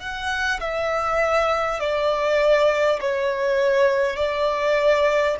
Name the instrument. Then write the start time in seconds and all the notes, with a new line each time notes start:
violin
0.00 F#5
0.60 E5
1.79 D5
3.01 C#5
4.16 D5